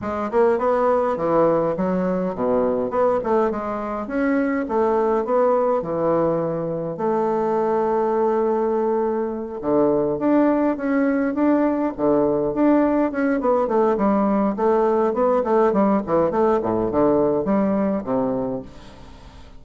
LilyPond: \new Staff \with { instrumentName = "bassoon" } { \time 4/4 \tempo 4 = 103 gis8 ais8 b4 e4 fis4 | b,4 b8 a8 gis4 cis'4 | a4 b4 e2 | a1~ |
a8 d4 d'4 cis'4 d'8~ | d'8 d4 d'4 cis'8 b8 a8 | g4 a4 b8 a8 g8 e8 | a8 a,8 d4 g4 c4 | }